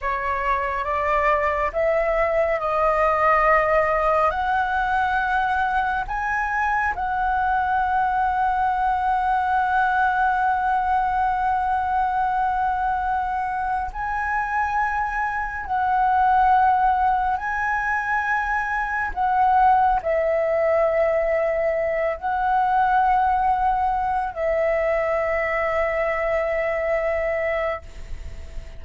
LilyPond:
\new Staff \with { instrumentName = "flute" } { \time 4/4 \tempo 4 = 69 cis''4 d''4 e''4 dis''4~ | dis''4 fis''2 gis''4 | fis''1~ | fis''1 |
gis''2 fis''2 | gis''2 fis''4 e''4~ | e''4. fis''2~ fis''8 | e''1 | }